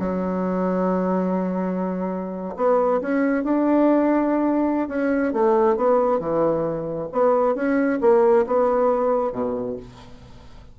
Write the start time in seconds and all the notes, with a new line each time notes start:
0.00 F#3
2.57 B3
3.01 C#4
3.44 D4
4.89 C#4
5.33 A3
5.77 B3
6.20 E3
7.13 B3
7.56 C#4
8.01 A#3
8.47 B3
9.33 B2